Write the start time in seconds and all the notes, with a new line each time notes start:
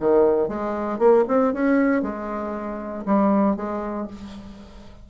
0.00 D#3
0.48 G#3
0.99 A#3
1.28 C4
1.54 C#4
2.02 G#3
3.05 G3
3.56 G#3